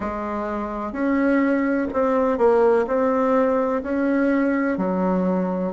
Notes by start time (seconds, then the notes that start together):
0.00 G#3
0.92 C#4
1.93 C4
2.38 A#3
2.87 C4
3.82 C#4
4.77 F#3